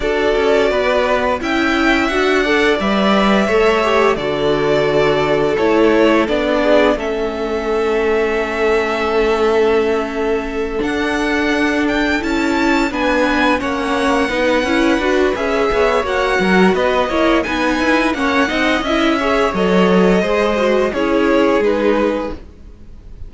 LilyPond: <<
  \new Staff \with { instrumentName = "violin" } { \time 4/4 \tempo 4 = 86 d''2 g''4 fis''4 | e''2 d''2 | cis''4 d''4 e''2~ | e''2.~ e''8 fis''8~ |
fis''4 g''8 a''4 gis''4 fis''8~ | fis''2 e''4 fis''4 | dis''4 gis''4 fis''4 e''4 | dis''2 cis''4 b'4 | }
  \new Staff \with { instrumentName = "violin" } { \time 4/4 a'4 b'4 e''4. d''8~ | d''4 cis''4 a'2~ | a'4. gis'8 a'2~ | a'1~ |
a'2~ a'8 b'4 cis''8~ | cis''8 b'2 cis''4 ais'8 | b'8 cis''8 b'4 cis''8 dis''4 cis''8~ | cis''4 c''4 gis'2 | }
  \new Staff \with { instrumentName = "viola" } { \time 4/4 fis'2 e'4 fis'8 a'8 | b'4 a'8 g'8 fis'2 | e'4 d'4 cis'2~ | cis'2.~ cis'8 d'8~ |
d'4. e'4 d'4 cis'8~ | cis'8 dis'8 e'8 fis'8 gis'4 fis'4~ | fis'8 e'8 dis'4 cis'8 dis'8 e'8 gis'8 | a'4 gis'8 fis'8 e'4 dis'4 | }
  \new Staff \with { instrumentName = "cello" } { \time 4/4 d'8 cis'8 b4 cis'4 d'4 | g4 a4 d2 | a4 b4 a2~ | a2.~ a8 d'8~ |
d'4. cis'4 b4 ais8~ | ais8 b8 cis'8 d'8 cis'8 b8 ais8 fis8 | b8 ais8 b8 e'8 ais8 c'8 cis'4 | fis4 gis4 cis'4 gis4 | }
>>